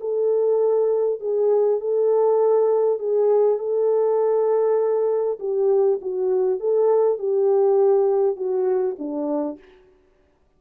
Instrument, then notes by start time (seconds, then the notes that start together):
horn
0.00 A4
1.20 G#4
1.80 A4
2.99 G#4
3.59 A4
5.39 G4
6.01 F#4
6.60 A4
7.18 G4
8.36 F#4
8.99 D4